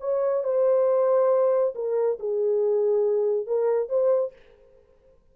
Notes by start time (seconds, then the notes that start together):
0.00 C#5
0.43 C5
1.75 A#4
2.19 G#4
3.46 A#4
3.89 C5